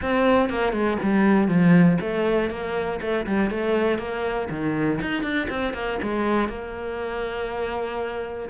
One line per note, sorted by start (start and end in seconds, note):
0.02 0.49 C4
0.49 0.72 A#3
0.72 0.97 G#3
1.02 1.48 G3
1.48 1.98 F3
2.00 2.50 A3
2.50 3.00 A#3
3.01 3.26 A3
3.26 3.50 G3
3.50 3.98 A3
3.98 4.48 A#3
4.50 5.00 D#3
5.01 5.22 D#4
5.22 5.47 D4
5.49 5.73 C4
5.73 5.98 A#3
6.02 6.48 G#3
6.48 8.48 A#3